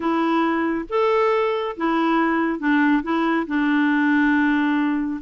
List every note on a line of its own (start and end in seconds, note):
0.00 0.85 E4
0.89 1.76 A4
1.76 2.59 E4
2.59 3.02 D4
3.03 3.46 E4
3.46 5.20 D4